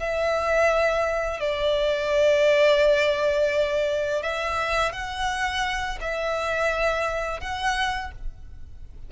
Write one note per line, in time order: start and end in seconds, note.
0.00 1.41 E5
1.41 4.23 D5
4.23 4.93 E5
4.93 5.99 F#5
6.01 7.41 E5
7.41 8.12 F#5